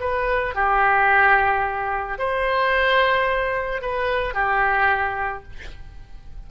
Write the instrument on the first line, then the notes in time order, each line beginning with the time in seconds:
oboe
0.00 B4
0.55 G4
2.18 C5
3.82 B4
4.34 G4